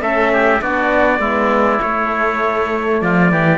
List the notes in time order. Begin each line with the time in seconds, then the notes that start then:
0.00 A3 C#4 A4 E5
0.33 G4
0.61 B3 D4 F#4 D5
1.19 G#3 B3 E4
1.81 A3 C#5
3.01 F3 F4 D5
3.31 E3 G4